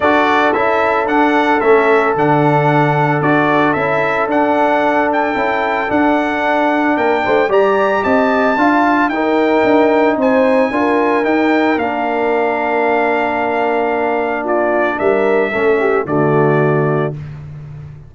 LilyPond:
<<
  \new Staff \with { instrumentName = "trumpet" } { \time 4/4 \tempo 4 = 112 d''4 e''4 fis''4 e''4 | fis''2 d''4 e''4 | fis''4. g''4. fis''4~ | fis''4 g''4 ais''4 a''4~ |
a''4 g''2 gis''4~ | gis''4 g''4 f''2~ | f''2. d''4 | e''2 d''2 | }
  \new Staff \with { instrumentName = "horn" } { \time 4/4 a'1~ | a'1~ | a'1~ | a'4 ais'8 c''8 d''4 dis''4 |
f''4 ais'2 c''4 | ais'1~ | ais'2. f'4 | ais'4 a'8 g'8 fis'2 | }
  \new Staff \with { instrumentName = "trombone" } { \time 4/4 fis'4 e'4 d'4 cis'4 | d'2 fis'4 e'4 | d'2 e'4 d'4~ | d'2 g'2 |
f'4 dis'2. | f'4 dis'4 d'2~ | d'1~ | d'4 cis'4 a2 | }
  \new Staff \with { instrumentName = "tuba" } { \time 4/4 d'4 cis'4 d'4 a4 | d2 d'4 cis'4 | d'2 cis'4 d'4~ | d'4 ais8 a8 g4 c'4 |
d'4 dis'4 d'4 c'4 | d'4 dis'4 ais2~ | ais1 | g4 a4 d2 | }
>>